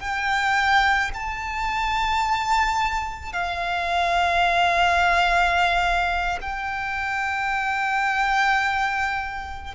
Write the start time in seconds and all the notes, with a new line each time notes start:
0.00 G5
1.14 A5
3.33 F5
6.41 G5